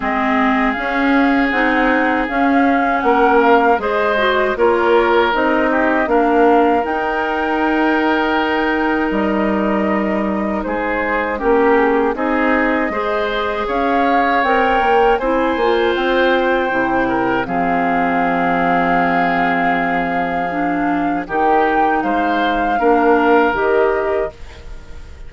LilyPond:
<<
  \new Staff \with { instrumentName = "flute" } { \time 4/4 \tempo 4 = 79 dis''4 f''4 fis''4 f''4 | fis''8 f''8 dis''4 cis''4 dis''4 | f''4 g''2. | dis''2 c''4 ais'8 gis'8 |
dis''2 f''4 g''4 | gis''4 g''2 f''4~ | f''1 | g''4 f''2 dis''4 | }
  \new Staff \with { instrumentName = "oboe" } { \time 4/4 gis'1 | ais'4 c''4 ais'4. g'8 | ais'1~ | ais'2 gis'4 g'4 |
gis'4 c''4 cis''2 | c''2~ c''8 ais'8 gis'4~ | gis'1 | g'4 c''4 ais'2 | }
  \new Staff \with { instrumentName = "clarinet" } { \time 4/4 c'4 cis'4 dis'4 cis'4~ | cis'4 gis'8 fis'8 f'4 dis'4 | d'4 dis'2.~ | dis'2. cis'4 |
dis'4 gis'2 ais'4 | e'8 f'4. e'4 c'4~ | c'2. d'4 | dis'2 d'4 g'4 | }
  \new Staff \with { instrumentName = "bassoon" } { \time 4/4 gis4 cis'4 c'4 cis'4 | ais4 gis4 ais4 c'4 | ais4 dis'2. | g2 gis4 ais4 |
c'4 gis4 cis'4 c'8 ais8 | c'8 ais8 c'4 c4 f4~ | f1 | dis4 gis4 ais4 dis4 | }
>>